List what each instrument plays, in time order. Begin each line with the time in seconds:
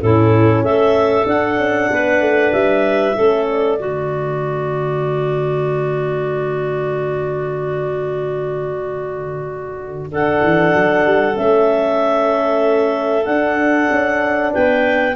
0.00 tuba A2, horn C#4, clarinet E4 A4
0.62 tuba A3, clarinet A4 E5
1.26 tuba D4, horn D4, clarinet F#5
1.58 tuba C#4
1.91 tuba B3, clarinet B4
2.21 tuba A3
2.52 tuba G3, clarinet E5
3.16 tuba A3, horn C#4, clarinet A4
3.46 clarinet D5
3.79 tuba D3, horn A3, clarinet F#4
10.11 horn D4, clarinet A4 F#5
10.42 tuba E3
10.74 tuba F#3
11.06 tuba G3
11.34 tuba A3, horn C#4, clarinet E5
13.25 tuba D4, horn D4, clarinet F#5
13.91 tuba C#4
14.52 tuba B3, clarinet B4 G5